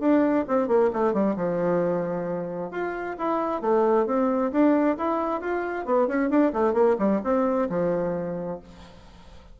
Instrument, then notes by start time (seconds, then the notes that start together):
bassoon
0.00 D4
0.48 C4
0.68 A#3
0.93 A3
1.14 G3
1.37 F3
2.71 F4
3.18 E4
3.62 A3
4.06 C4
4.52 D4
4.97 E4
5.41 F4
5.85 B3
6.08 C#4
6.30 D4
6.53 A3
6.74 A#3
6.99 G3
7.24 C4
7.70 F3